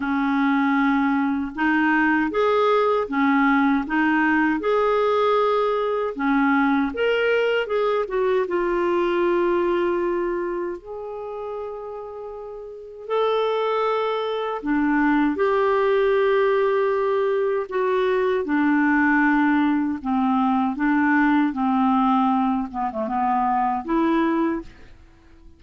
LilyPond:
\new Staff \with { instrumentName = "clarinet" } { \time 4/4 \tempo 4 = 78 cis'2 dis'4 gis'4 | cis'4 dis'4 gis'2 | cis'4 ais'4 gis'8 fis'8 f'4~ | f'2 gis'2~ |
gis'4 a'2 d'4 | g'2. fis'4 | d'2 c'4 d'4 | c'4. b16 a16 b4 e'4 | }